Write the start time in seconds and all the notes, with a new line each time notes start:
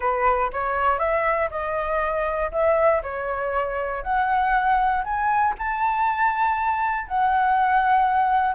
0.00 B4
0.52 C#5
0.98 E5
1.50 D#5
2.51 E5
3.02 C#5
4.02 F#5
5.04 G#5
5.58 A5
7.07 F#5